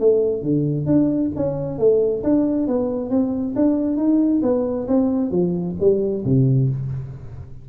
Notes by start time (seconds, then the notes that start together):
0.00 A3
0.43 D3
0.86 D4
1.36 C#4
1.79 A3
2.24 D4
2.67 B3
3.11 C4
3.56 D4
3.97 D#4
4.43 B3
4.88 C4
5.31 F3
5.80 G3
6.25 C3